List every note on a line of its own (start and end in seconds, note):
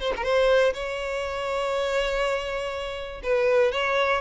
0.00 0.12 C5
0.16 0.24 A#4
0.24 0.73 C5
0.73 3.21 C#5
3.23 3.72 B4
3.72 4.21 C#5